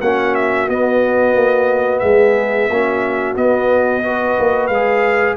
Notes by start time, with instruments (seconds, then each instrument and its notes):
0.00 tuba A#3, trombone C#4, horn F#4, trumpet F#5
0.35 trumpet E5
0.68 trombone B3, tuba B3, trumpet D#5
1.34 tuba A#3
1.99 tuba G#3, horn G#4, trumpet E5
2.70 tuba A#3, trombone C#4, horn F#4
3.36 trombone B3, tuba B3, trumpet D#5
4.04 trombone F#4, horn B4
4.39 tuba A#3
4.67 tuba G#3, trumpet F5
4.74 trombone G#4